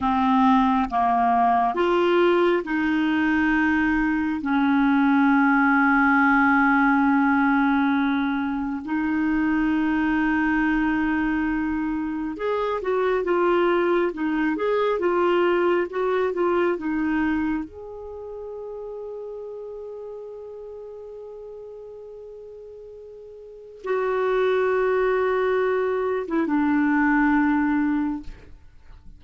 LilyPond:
\new Staff \with { instrumentName = "clarinet" } { \time 4/4 \tempo 4 = 68 c'4 ais4 f'4 dis'4~ | dis'4 cis'2.~ | cis'2 dis'2~ | dis'2 gis'8 fis'8 f'4 |
dis'8 gis'8 f'4 fis'8 f'8 dis'4 | gis'1~ | gis'2. fis'4~ | fis'4.~ fis'16 e'16 d'2 | }